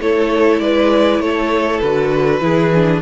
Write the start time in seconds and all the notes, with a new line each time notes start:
0.00 A3 E4 A4 C#5
0.60 G#3 B4 D5
1.20 A3 A4 C#5
1.80 D3 F#4 B4
2.41 E3 E4 G#4
2.74 D4